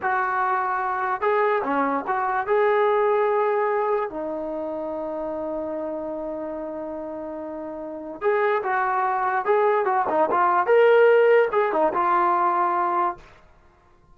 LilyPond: \new Staff \with { instrumentName = "trombone" } { \time 4/4 \tempo 4 = 146 fis'2. gis'4 | cis'4 fis'4 gis'2~ | gis'2 dis'2~ | dis'1~ |
dis'1 | gis'4 fis'2 gis'4 | fis'8 dis'8 f'4 ais'2 | gis'8 dis'8 f'2. | }